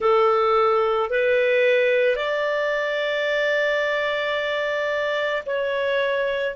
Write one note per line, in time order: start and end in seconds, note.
0.00 1.10 A4
1.10 2.15 B4
2.15 5.42 D5
5.45 6.55 C#5